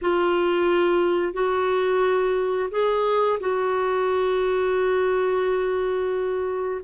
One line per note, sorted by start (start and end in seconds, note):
0.01 1.33 F4
1.33 2.69 F#4
2.71 3.39 G#4
3.40 6.81 F#4